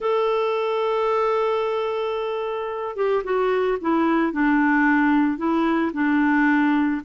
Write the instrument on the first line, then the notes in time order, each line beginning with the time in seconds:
clarinet
0.00 A4
2.96 G4
3.24 F#4
3.81 E4
4.32 D4
5.37 E4
5.93 D4